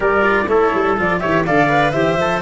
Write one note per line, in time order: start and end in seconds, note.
0.00 0.45 G3
0.00 0.22 G4
0.00 0.47 A#4
0.00 0.48 D5
0.22 0.46 F4
0.47 0.71 A3
0.47 0.97 E4
0.47 1.21 A4
0.47 0.96 C#5
0.74 0.98 G3
0.97 1.22 F3
0.97 1.20 F4
0.97 1.19 D5
1.19 1.48 E3
1.19 1.44 G4
1.19 1.45 C#5
1.19 1.43 E5
1.45 1.93 D3
1.45 1.69 A4
1.45 1.94 D5
1.45 1.91 F5
1.69 1.93 B4
1.91 2.16 E3
1.91 2.19 G4
1.91 2.41 C5
1.91 2.40 E5
2.16 2.41 F3
2.16 2.41 A4